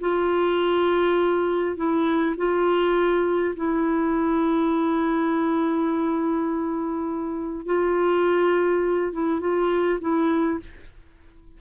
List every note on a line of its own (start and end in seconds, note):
0.00 1.76 F4
1.76 2.35 E4
2.37 3.55 F4
3.56 7.66 E4
7.66 9.12 F4
9.12 9.40 E4
9.40 9.99 F4
10.01 10.59 E4